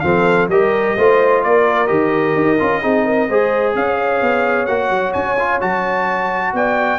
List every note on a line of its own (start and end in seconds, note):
0.00 0.48 F3
0.00 0.50 C4
0.00 0.50 A4
0.00 0.47 F5
0.48 0.94 G3
0.48 0.98 G4
0.48 0.97 A#4
0.48 1.43 D#5
0.97 1.44 A3
0.97 1.87 F4
0.97 1.43 C5
1.43 1.90 A#3
1.43 2.82 A#4
1.43 1.87 D5
1.87 2.35 D#3
1.87 2.57 G4
1.87 3.73 D#5
2.35 2.59 D#4
2.59 2.83 C#4
2.59 2.82 F4
2.82 3.29 C4
2.82 3.28 D#4
2.82 3.05 G#4
3.05 3.28 A#4
3.28 3.75 G#3
3.28 4.67 G#4
3.28 3.75 C5
3.75 4.21 C#4
3.75 6.55 C#5
3.75 4.66 F5
4.21 4.68 B3
4.66 4.90 A#3
4.66 5.37 F#4
4.66 5.12 F#5
4.90 5.13 F#3
5.13 5.61 C#4
5.13 5.59 G#5
5.39 5.60 F4
5.60 6.53 F#3
5.60 6.99 F#4
5.60 6.54 A5
6.53 6.99 B3
6.53 6.99 D5
6.53 6.99 G5